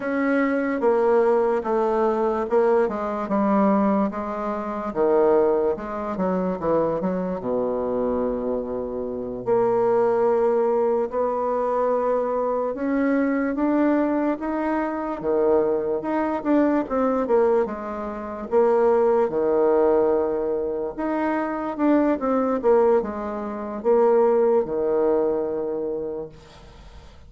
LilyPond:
\new Staff \with { instrumentName = "bassoon" } { \time 4/4 \tempo 4 = 73 cis'4 ais4 a4 ais8 gis8 | g4 gis4 dis4 gis8 fis8 | e8 fis8 b,2~ b,8 ais8~ | ais4. b2 cis'8~ |
cis'8 d'4 dis'4 dis4 dis'8 | d'8 c'8 ais8 gis4 ais4 dis8~ | dis4. dis'4 d'8 c'8 ais8 | gis4 ais4 dis2 | }